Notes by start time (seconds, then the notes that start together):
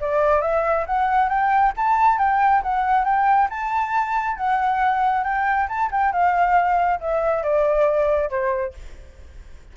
0.00 D5
0.41 E5
0.86 F#5
1.29 G5
1.76 A5
2.18 G5
2.62 F#5
3.04 G5
3.50 A5
4.36 F#5
5.24 G5
5.68 A5
5.91 G5
6.12 F5
7.00 E5
7.43 D5
8.29 C5